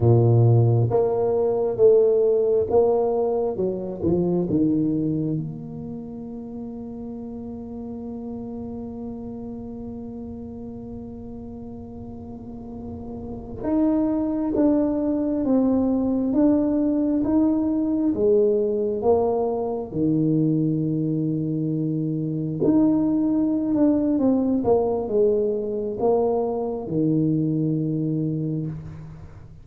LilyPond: \new Staff \with { instrumentName = "tuba" } { \time 4/4 \tempo 4 = 67 ais,4 ais4 a4 ais4 | fis8 f8 dis4 ais2~ | ais1~ | ais2.~ ais16 dis'8.~ |
dis'16 d'4 c'4 d'4 dis'8.~ | dis'16 gis4 ais4 dis4.~ dis16~ | dis4~ dis16 dis'4~ dis'16 d'8 c'8 ais8 | gis4 ais4 dis2 | }